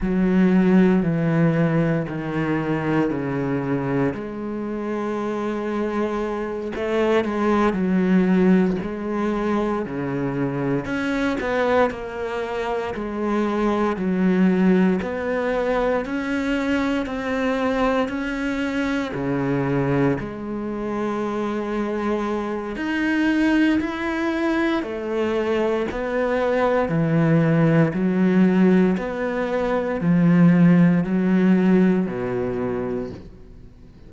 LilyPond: \new Staff \with { instrumentName = "cello" } { \time 4/4 \tempo 4 = 58 fis4 e4 dis4 cis4 | gis2~ gis8 a8 gis8 fis8~ | fis8 gis4 cis4 cis'8 b8 ais8~ | ais8 gis4 fis4 b4 cis'8~ |
cis'8 c'4 cis'4 cis4 gis8~ | gis2 dis'4 e'4 | a4 b4 e4 fis4 | b4 f4 fis4 b,4 | }